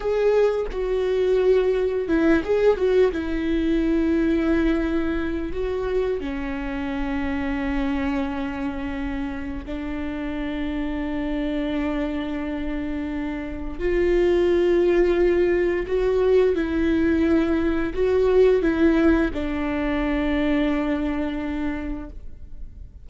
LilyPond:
\new Staff \with { instrumentName = "viola" } { \time 4/4 \tempo 4 = 87 gis'4 fis'2 e'8 gis'8 | fis'8 e'2.~ e'8 | fis'4 cis'2.~ | cis'2 d'2~ |
d'1 | f'2. fis'4 | e'2 fis'4 e'4 | d'1 | }